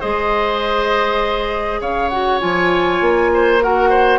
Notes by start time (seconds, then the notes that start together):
0.00 G#3 G#4 C5 D#5
1.80 C#3 C#5 F5
2.09 F#4 F#5
2.40 F3 F4 G#5
3.00 A#3
3.33 C5
3.61 F#4 A#4 F#5
3.89 C5